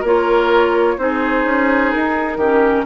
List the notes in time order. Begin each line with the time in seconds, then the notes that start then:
0.00 A#3 F4 A#4 C#5
0.98 C4 D#4 G#4 C5
1.44 C#4
1.91 D#4 A#4
2.37 D#3 C#4 G4